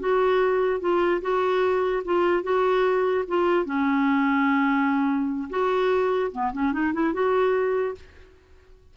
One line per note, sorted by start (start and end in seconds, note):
0.00 0.81 F#4
0.81 1.21 F4
1.22 2.04 F#4
2.05 2.43 F4
2.43 3.25 F#4
3.28 3.66 F4
3.66 5.49 C#4
5.50 6.32 F#4
6.32 6.53 B3
6.53 6.73 C#4
6.73 6.93 D#4
6.94 7.14 E4
7.14 7.95 F#4